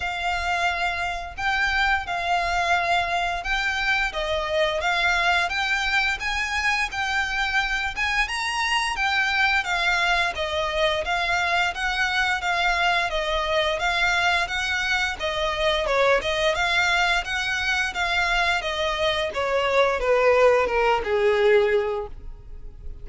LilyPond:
\new Staff \with { instrumentName = "violin" } { \time 4/4 \tempo 4 = 87 f''2 g''4 f''4~ | f''4 g''4 dis''4 f''4 | g''4 gis''4 g''4. gis''8 | ais''4 g''4 f''4 dis''4 |
f''4 fis''4 f''4 dis''4 | f''4 fis''4 dis''4 cis''8 dis''8 | f''4 fis''4 f''4 dis''4 | cis''4 b'4 ais'8 gis'4. | }